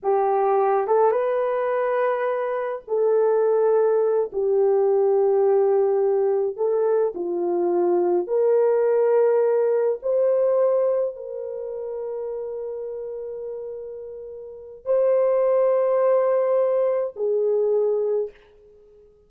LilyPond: \new Staff \with { instrumentName = "horn" } { \time 4/4 \tempo 4 = 105 g'4. a'8 b'2~ | b'4 a'2~ a'8 g'8~ | g'2.~ g'8 a'8~ | a'8 f'2 ais'4.~ |
ais'4. c''2 ais'8~ | ais'1~ | ais'2 c''2~ | c''2 gis'2 | }